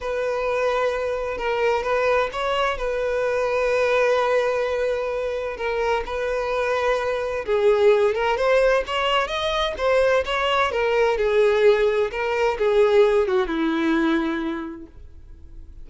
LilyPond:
\new Staff \with { instrumentName = "violin" } { \time 4/4 \tempo 4 = 129 b'2. ais'4 | b'4 cis''4 b'2~ | b'1 | ais'4 b'2. |
gis'4. ais'8 c''4 cis''4 | dis''4 c''4 cis''4 ais'4 | gis'2 ais'4 gis'4~ | gis'8 fis'8 e'2. | }